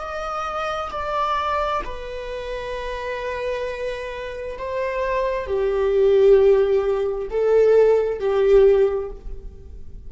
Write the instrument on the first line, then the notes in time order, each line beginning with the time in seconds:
viola
0.00 D#5
0.91 D5
1.85 B4
4.58 C5
5.47 G4
7.31 A4
8.19 G4